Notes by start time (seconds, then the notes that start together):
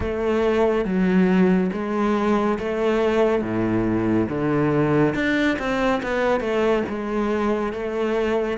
0.00 A3
0.84 F#3
1.72 G#3
2.58 A3
3.42 A2
4.29 D3
5.14 D4
5.58 C4
6.02 B3
6.40 A3
6.88 G#3
7.72 A3